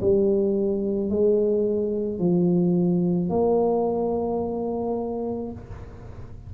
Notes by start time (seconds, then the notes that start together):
0.00 G3
1.09 G#3
2.19 F3
3.29 A#3